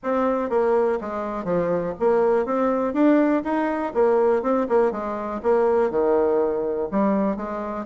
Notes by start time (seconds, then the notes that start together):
0.03 C4
0.49 A#3
1.01 G#3
1.44 F3
1.99 A#3
2.45 C4
2.93 D4
3.44 D#4
3.93 A#3
4.42 C4
4.69 A#3
4.91 G#3
5.42 A#3
5.90 D#3
6.91 G3
7.36 G#3